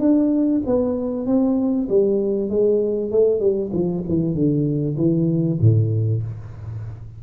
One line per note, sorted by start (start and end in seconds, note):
0.00 0.62 D4
0.66 1.27 B3
1.27 1.89 C4
1.89 2.50 G3
2.50 3.12 G#3
3.12 3.40 A3
3.40 3.71 G3
3.73 4.04 F3
4.08 4.35 E3
4.35 4.97 D3
4.97 5.59 E3
5.61 6.23 A2